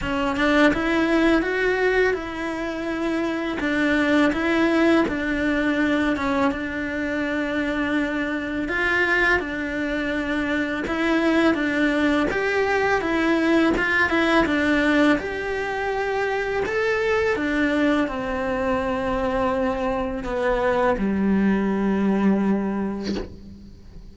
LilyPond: \new Staff \with { instrumentName = "cello" } { \time 4/4 \tempo 4 = 83 cis'8 d'8 e'4 fis'4 e'4~ | e'4 d'4 e'4 d'4~ | d'8 cis'8 d'2. | f'4 d'2 e'4 |
d'4 g'4 e'4 f'8 e'8 | d'4 g'2 a'4 | d'4 c'2. | b4 g2. | }